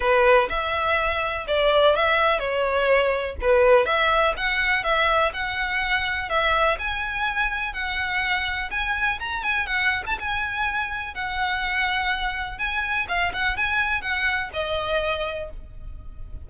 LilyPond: \new Staff \with { instrumentName = "violin" } { \time 4/4 \tempo 4 = 124 b'4 e''2 d''4 | e''4 cis''2 b'4 | e''4 fis''4 e''4 fis''4~ | fis''4 e''4 gis''2 |
fis''2 gis''4 ais''8 gis''8 | fis''8. a''16 gis''2 fis''4~ | fis''2 gis''4 f''8 fis''8 | gis''4 fis''4 dis''2 | }